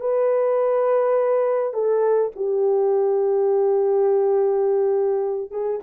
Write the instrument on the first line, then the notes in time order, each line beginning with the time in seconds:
horn
0.00 B4
1.73 A4
2.36 G4
5.51 G#4